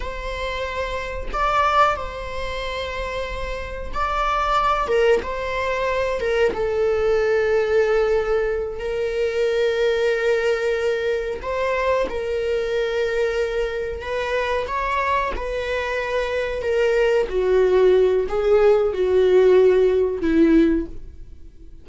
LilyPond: \new Staff \with { instrumentName = "viola" } { \time 4/4 \tempo 4 = 92 c''2 d''4 c''4~ | c''2 d''4. ais'8 | c''4. ais'8 a'2~ | a'4. ais'2~ ais'8~ |
ais'4. c''4 ais'4.~ | ais'4. b'4 cis''4 b'8~ | b'4. ais'4 fis'4. | gis'4 fis'2 e'4 | }